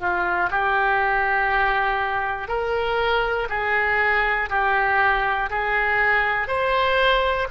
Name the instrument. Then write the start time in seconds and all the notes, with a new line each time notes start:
oboe
0.00 F4
0.50 G4
2.48 A#4
3.49 G#4
4.50 G4
5.50 G#4
6.48 C5